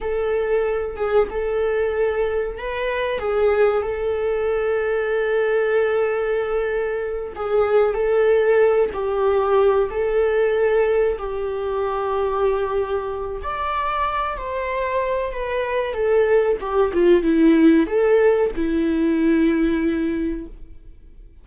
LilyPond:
\new Staff \with { instrumentName = "viola" } { \time 4/4 \tempo 4 = 94 a'4. gis'8 a'2 | b'4 gis'4 a'2~ | a'2.~ a'8 gis'8~ | gis'8 a'4. g'4. a'8~ |
a'4. g'2~ g'8~ | g'4 d''4. c''4. | b'4 a'4 g'8 f'8 e'4 | a'4 e'2. | }